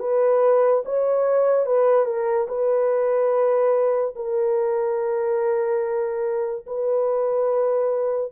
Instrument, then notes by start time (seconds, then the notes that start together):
horn
0.00 B4
0.86 C#5
1.66 B4
2.06 A#4
2.48 B4
4.16 A#4
6.67 B4